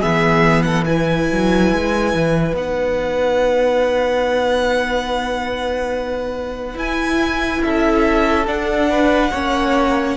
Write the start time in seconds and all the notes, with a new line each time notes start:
0.00 E3 B3 G#4 E5
0.62 A4 F#5
0.86 E4 B4 G#5
1.31 F#3
1.72 G#3
2.14 E3
2.54 B3 D#4 F#5
6.74 E4 G#5
7.62 C#4 A4 E5
8.47 D4 F#5
8.90 B4
9.31 A#3 C#4 C#5